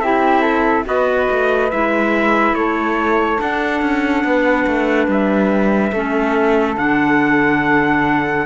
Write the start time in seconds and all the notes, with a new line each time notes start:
0.00 C4 E4 G4 E5
0.41 A4
0.85 B3 F#4 B4 D#5
1.30 A3
1.71 G#3 E4 E5
2.53 A3 A4 C#5
3.38 D4 F#5
3.82 C#4
4.24 B3 B4
4.67 A3
5.07 G3 E5
5.92 A3 C#4 A4
6.77 D3 D4 F#5